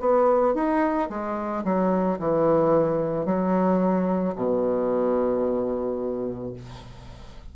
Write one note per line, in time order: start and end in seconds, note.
0.00 0.55 B3
0.55 1.09 D#4
1.10 1.64 G#3
1.64 2.19 F#3
2.19 3.26 E3
3.26 4.35 F#3
4.35 6.54 B2